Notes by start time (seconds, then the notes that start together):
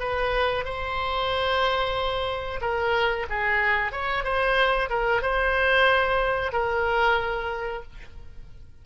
0.00 B4
0.65 C5
2.61 A#4
3.30 G#4
3.92 C#5
4.24 C5
4.90 A#4
5.22 C5
6.53 A#4